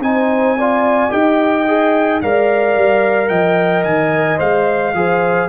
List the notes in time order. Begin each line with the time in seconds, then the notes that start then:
0.00 C4 D#4 C5 G#5
0.58 F4 D5
1.10 D#4 G4 D#5 G5
1.68 G#4
2.22 G#3 A#4 D5 F5
2.76 G3
3.29 F3 D#5 G5
3.84 D#3 G#5
4.38 G#3 C5 F5
4.94 F3 G#4 C5